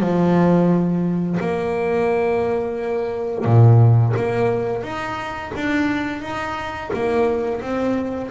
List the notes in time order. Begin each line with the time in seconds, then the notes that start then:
0.00 F3
1.40 A#3
3.45 A#2
4.16 A#3
4.83 D#4
5.55 D4
6.22 D#4
6.93 A#3
7.61 C4